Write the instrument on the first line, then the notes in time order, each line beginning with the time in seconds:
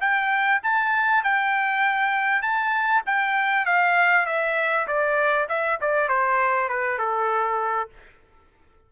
trumpet
0.00 G5
0.63 A5
1.23 G5
2.42 A5
3.06 G5
3.65 F5
4.26 E5
4.87 D5
5.49 E5
5.80 D5
6.08 C5
6.69 B4
6.98 A4